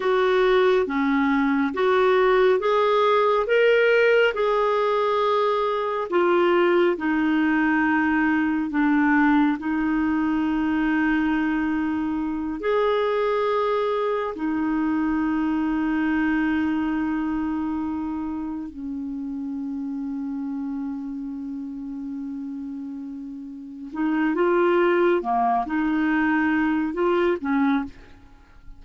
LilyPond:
\new Staff \with { instrumentName = "clarinet" } { \time 4/4 \tempo 4 = 69 fis'4 cis'4 fis'4 gis'4 | ais'4 gis'2 f'4 | dis'2 d'4 dis'4~ | dis'2~ dis'8 gis'4.~ |
gis'8 dis'2.~ dis'8~ | dis'4. cis'2~ cis'8~ | cis'2.~ cis'8 dis'8 | f'4 ais8 dis'4. f'8 cis'8 | }